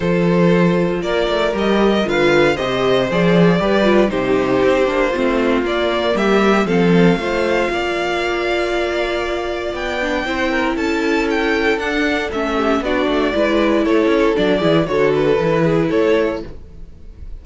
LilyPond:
<<
  \new Staff \with { instrumentName = "violin" } { \time 4/4 \tempo 4 = 117 c''2 d''4 dis''4 | f''4 dis''4 d''2 | c''2. d''4 | e''4 f''2.~ |
f''2. g''4~ | g''4 a''4 g''4 fis''4 | e''4 d''2 cis''4 | d''4 cis''8 b'4. cis''4 | }
  \new Staff \with { instrumentName = "violin" } { \time 4/4 a'2 ais'2 | b'4 c''2 b'4 | g'2 f'2 | g'4 a'4 c''4 d''4~ |
d''1 | c''8 ais'8 a'2.~ | a'8 g'8 fis'4 b'4 a'4~ | a'8 gis'8 a'4. gis'8 a'4 | }
  \new Staff \with { instrumentName = "viola" } { \time 4/4 f'2. g'4 | f'4 g'4 gis'4 g'8 f'8 | dis'4. d'8 c'4 ais4~ | ais4 c'4 f'2~ |
f'2.~ f'8 d'8 | e'2. d'4 | cis'4 d'4 e'2 | d'8 e'8 fis'4 e'2 | }
  \new Staff \with { instrumentName = "cello" } { \time 4/4 f2 ais8 a8 g4 | d4 c4 f4 g4 | c4 c'8 ais8 a4 ais4 | g4 f4 a4 ais4~ |
ais2. b4 | c'4 cis'2 d'4 | a4 b8 a8 gis4 a8 cis'8 | fis8 e8 d4 e4 a4 | }
>>